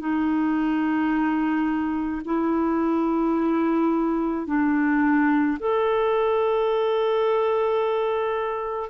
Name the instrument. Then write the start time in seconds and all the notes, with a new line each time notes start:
clarinet
0.00 D#4
2.25 E4
4.47 D4
5.60 A4